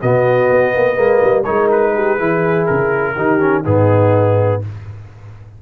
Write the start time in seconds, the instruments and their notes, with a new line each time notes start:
0.00 tuba B2, trombone B3, horn F#4, trumpet D#5
0.50 tuba B3
0.74 tuba A#3, horn B4
0.96 tuba G#3, trombone A#3
1.24 tuba G3
1.43 tuba G#3, trombone D#4, horn A#4, trumpet C#5
1.71 trumpet B4
1.95 horn G4
2.18 tuba E3, trombone E4, horn G#4
2.66 tuba C#3, trumpet A#4
3.16 tuba D#3, trombone D#4, horn G4
3.40 trombone C#4
3.63 tuba G#2, trombone B3, horn D#4, trumpet G#4